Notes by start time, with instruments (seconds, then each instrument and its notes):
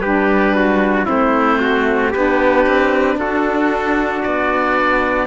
0.00 cello G3, saxophone D4, trumpet G4, oboe B4
0.55 trumpet F#4
1.05 cello A3, saxophone C4, trumpet E4, oboe C5
1.60 trumpet F#4
2.11 cello B3, saxophone D4, trumpet G4, oboe B4
2.66 cello C4
3.16 cello D4, trumpet F#4, oboe A4
4.23 cello B3, oboe D5